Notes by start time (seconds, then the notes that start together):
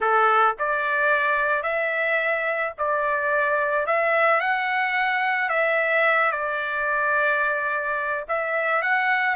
0.00 A4
0.58 D5
1.62 E5
2.78 D5
3.86 E5
4.40 F#5
5.49 E5
6.31 D5
8.28 E5
8.82 F#5